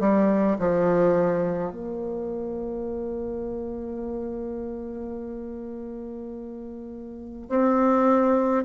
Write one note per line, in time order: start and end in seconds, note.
0.00 0.58 G3
0.59 1.72 F3
1.72 7.48 A#3
7.49 8.65 C4